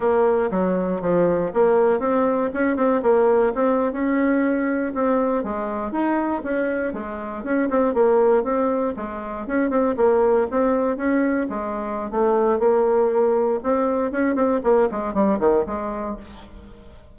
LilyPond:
\new Staff \with { instrumentName = "bassoon" } { \time 4/4 \tempo 4 = 119 ais4 fis4 f4 ais4 | c'4 cis'8 c'8 ais4 c'8. cis'16~ | cis'4.~ cis'16 c'4 gis4 dis'16~ | dis'8. cis'4 gis4 cis'8 c'8 ais16~ |
ais8. c'4 gis4 cis'8 c'8 ais16~ | ais8. c'4 cis'4 gis4~ gis16 | a4 ais2 c'4 | cis'8 c'8 ais8 gis8 g8 dis8 gis4 | }